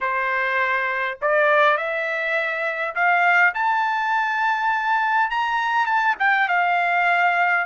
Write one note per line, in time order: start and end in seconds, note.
0.01 1.18 C5
1.21 1.77 D5
1.77 2.94 E5
2.95 3.54 F5
3.54 5.30 A5
5.30 5.86 A#5
5.86 6.15 A5
6.19 6.48 G5
6.48 7.65 F5